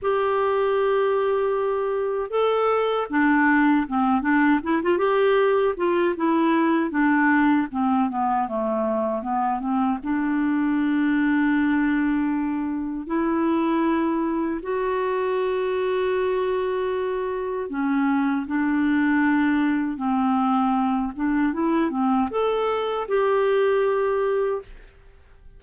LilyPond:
\new Staff \with { instrumentName = "clarinet" } { \time 4/4 \tempo 4 = 78 g'2. a'4 | d'4 c'8 d'8 e'16 f'16 g'4 f'8 | e'4 d'4 c'8 b8 a4 | b8 c'8 d'2.~ |
d'4 e'2 fis'4~ | fis'2. cis'4 | d'2 c'4. d'8 | e'8 c'8 a'4 g'2 | }